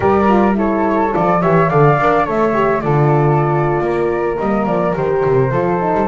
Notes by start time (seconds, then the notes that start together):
0.00 G3 G4 A#4 D5
0.29 F4
0.54 E4 A4 C#5
1.13 F3 F4 D5
1.40 E3 G4 C#5 E5
1.69 D3 A4 D5 F5
2.00 D4 A#4
2.25 A3 A4 C#5 E5
2.53 G4
2.80 D3 F4 A4 D5
3.80 A#3 A#4
4.37 G3 A#3 D#5
4.65 F3 D5
4.94 D#3 G4 C5
5.25 C3
5.51 F3 F4 A4
5.79 D#4
5.93 G3